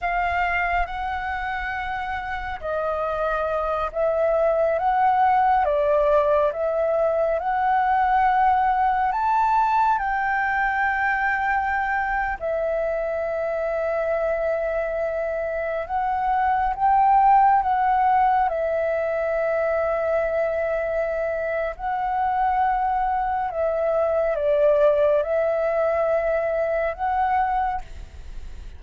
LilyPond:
\new Staff \with { instrumentName = "flute" } { \time 4/4 \tempo 4 = 69 f''4 fis''2 dis''4~ | dis''8 e''4 fis''4 d''4 e''8~ | e''8 fis''2 a''4 g''8~ | g''2~ g''16 e''4.~ e''16~ |
e''2~ e''16 fis''4 g''8.~ | g''16 fis''4 e''2~ e''8.~ | e''4 fis''2 e''4 | d''4 e''2 fis''4 | }